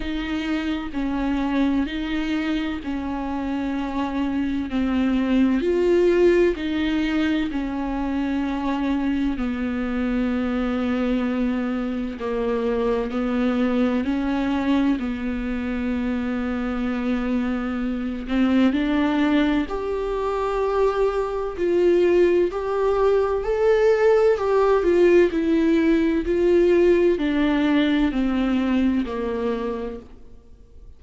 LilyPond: \new Staff \with { instrumentName = "viola" } { \time 4/4 \tempo 4 = 64 dis'4 cis'4 dis'4 cis'4~ | cis'4 c'4 f'4 dis'4 | cis'2 b2~ | b4 ais4 b4 cis'4 |
b2.~ b8 c'8 | d'4 g'2 f'4 | g'4 a'4 g'8 f'8 e'4 | f'4 d'4 c'4 ais4 | }